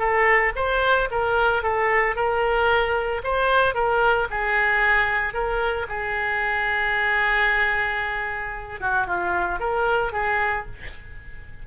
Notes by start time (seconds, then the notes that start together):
0.00 A4
0.56 C5
1.11 A#4
1.63 A4
2.16 A#4
3.24 C5
3.75 A#4
4.31 G#4
5.34 A#4
5.89 G#4
8.81 F#4
9.07 F4
9.60 A#4
10.13 G#4